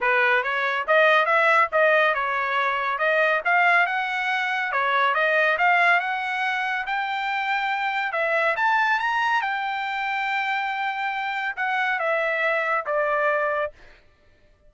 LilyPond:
\new Staff \with { instrumentName = "trumpet" } { \time 4/4 \tempo 4 = 140 b'4 cis''4 dis''4 e''4 | dis''4 cis''2 dis''4 | f''4 fis''2 cis''4 | dis''4 f''4 fis''2 |
g''2. e''4 | a''4 ais''4 g''2~ | g''2. fis''4 | e''2 d''2 | }